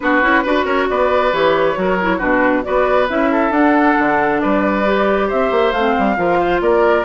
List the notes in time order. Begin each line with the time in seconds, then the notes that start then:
0.00 B3 D4 F#4 B4
0.22 C#4 E4
0.43 D4 F#4 B4
0.65 C#4 A#4 C#5
0.89 B3 B4 D5
1.32 E3 G4 C#5
1.75 F#3 F#4 A#4
2.01 E4
2.17 B2 D4 F#4 B4
2.63 B3 F#4 B4 D5
3.08 C#4 E4 E5
3.31 A4
3.50 D4 F#5
3.98 D3
4.40 G3 B4 D5
4.85 G4
5.27 C4 C5 E5
5.51 A#3
5.72 A3 F5
5.78 C4
5.98 G3
6.16 F3 F4 A#4
6.39 C5
6.60 A#3 A#4 D5